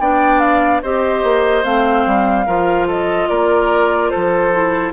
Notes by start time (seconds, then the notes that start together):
0.00 B3 D4 D5 G5
0.40 F5
0.83 C4 G4 C5 D#5
1.23 A#3
1.64 A3 C4 F5
2.06 G3
2.46 F3 F4 A#4
2.87 A4 D#5
3.29 A#3 A#4 D5
4.10 A4 C5
4.16 F3
4.53 E4